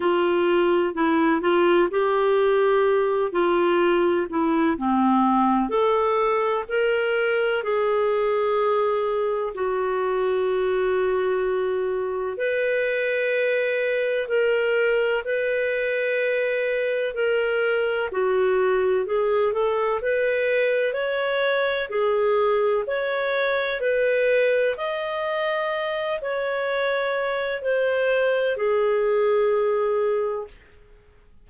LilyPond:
\new Staff \with { instrumentName = "clarinet" } { \time 4/4 \tempo 4 = 63 f'4 e'8 f'8 g'4. f'8~ | f'8 e'8 c'4 a'4 ais'4 | gis'2 fis'2~ | fis'4 b'2 ais'4 |
b'2 ais'4 fis'4 | gis'8 a'8 b'4 cis''4 gis'4 | cis''4 b'4 dis''4. cis''8~ | cis''4 c''4 gis'2 | }